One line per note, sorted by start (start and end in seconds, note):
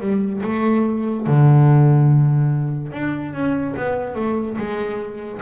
0.00 0.42 G3
0.43 1.27 A3
1.27 2.92 D3
2.92 3.33 D4
3.33 3.75 C#4
3.77 4.15 B3
4.15 4.57 A3
4.58 5.41 G#3